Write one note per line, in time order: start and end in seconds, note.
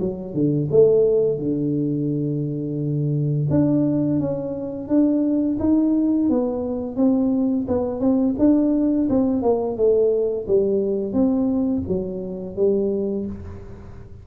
0.00 0.34 F#3
0.34 0.68 D3
0.71 1.39 A3
1.39 3.48 D3
3.50 4.20 D4
4.20 4.88 C#4
4.88 5.58 D4
5.59 6.29 D#4
6.29 6.96 B3
6.96 7.66 C4
7.68 8.00 B3
8.00 8.35 C4
8.38 9.08 D4
9.09 9.42 C4
9.42 9.77 A#3
9.77 10.47 A3
10.47 11.13 G3
11.13 11.83 C4
11.88 12.56 F#3
12.56 13.26 G3